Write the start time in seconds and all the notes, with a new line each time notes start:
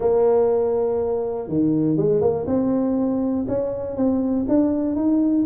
0.00 A#3
1.48 D#3
1.97 G#3
2.21 A#3
2.46 C4
3.48 C#4
3.96 C4
4.48 D4
4.95 D#4